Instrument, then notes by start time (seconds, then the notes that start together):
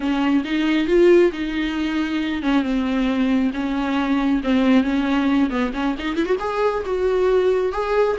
viola
0.00 C#4
0.44 D#4
0.87 F4
1.32 D#4
2.42 C#4
2.62 C4
3.53 C#4
4.43 C4
4.83 C#4
5.49 B3
5.73 C#4
5.98 D#4
6.16 E4
6.25 F#4
6.39 G#4
6.85 F#4
7.72 G#4